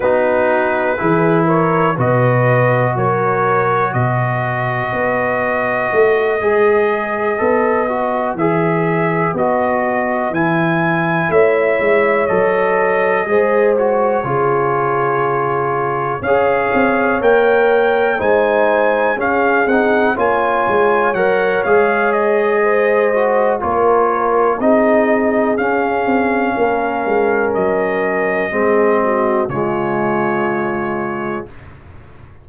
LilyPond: <<
  \new Staff \with { instrumentName = "trumpet" } { \time 4/4 \tempo 4 = 61 b'4. cis''8 dis''4 cis''4 | dis''1~ | dis''8 e''4 dis''4 gis''4 e''8~ | e''8 dis''4. cis''2~ |
cis''8 f''4 g''4 gis''4 f''8 | fis''8 gis''4 fis''8 f''8 dis''4. | cis''4 dis''4 f''2 | dis''2 cis''2 | }
  \new Staff \with { instrumentName = "horn" } { \time 4/4 fis'4 gis'8 ais'8 b'4 ais'4 | b'1~ | b'2.~ b'8 cis''8~ | cis''4. c''4 gis'4.~ |
gis'8 cis''2 c''4 gis'8~ | gis'8 cis''2~ cis''8 c''4 | ais'4 gis'2 ais'4~ | ais'4 gis'8 fis'8 f'2 | }
  \new Staff \with { instrumentName = "trombone" } { \time 4/4 dis'4 e'4 fis'2~ | fis'2~ fis'8 gis'4 a'8 | fis'8 gis'4 fis'4 e'4.~ | e'8 a'4 gis'8 fis'8 f'4.~ |
f'8 gis'4 ais'4 dis'4 cis'8 | dis'8 f'4 ais'8 gis'4. fis'8 | f'4 dis'4 cis'2~ | cis'4 c'4 gis2 | }
  \new Staff \with { instrumentName = "tuba" } { \time 4/4 b4 e4 b,4 fis4 | b,4 b4 a8 gis4 b8~ | b8 e4 b4 e4 a8 | gis8 fis4 gis4 cis4.~ |
cis8 cis'8 c'8 ais4 gis4 cis'8 | c'8 ais8 gis8 fis8 gis2 | ais4 c'4 cis'8 c'8 ais8 gis8 | fis4 gis4 cis2 | }
>>